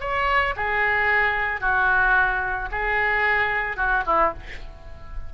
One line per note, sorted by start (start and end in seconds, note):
0.00 0.54 C#5
0.56 1.60 G#4
1.60 2.69 F#4
2.71 3.76 G#4
3.76 4.03 F#4
4.06 4.33 E4